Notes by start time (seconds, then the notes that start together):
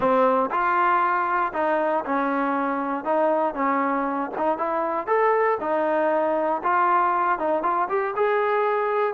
0.00 C4
0.50 F4
1.53 D#4
2.05 C#4
3.04 D#4
3.54 C#4
4.37 D#4
4.57 E4
5.07 A4
5.60 D#4
6.63 F4
7.38 D#4
7.62 F4
7.88 G4
8.16 G#4